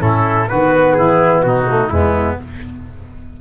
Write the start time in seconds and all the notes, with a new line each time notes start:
0.00 A2 C#4 E4 A4
0.48 D#3 B3 F#4 B4
0.93 E3 E4 G#4
1.42 B2 D#4 F#4
1.69 A3
1.88 E2 G#3 B3 E4